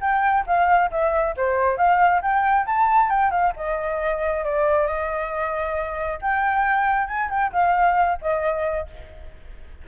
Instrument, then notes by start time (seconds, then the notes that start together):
flute
0.00 G5
0.46 F5
0.90 E5
1.36 C5
1.77 F5
2.21 G5
2.66 A5
3.09 G5
3.31 F5
3.56 D#5
4.44 D5
4.86 D#5
6.21 G5
7.07 G#5
7.29 G5
7.52 F5
8.21 D#5